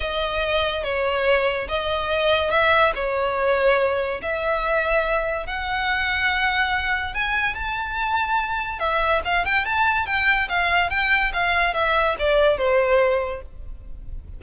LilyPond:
\new Staff \with { instrumentName = "violin" } { \time 4/4 \tempo 4 = 143 dis''2 cis''2 | dis''2 e''4 cis''4~ | cis''2 e''2~ | e''4 fis''2.~ |
fis''4 gis''4 a''2~ | a''4 e''4 f''8 g''8 a''4 | g''4 f''4 g''4 f''4 | e''4 d''4 c''2 | }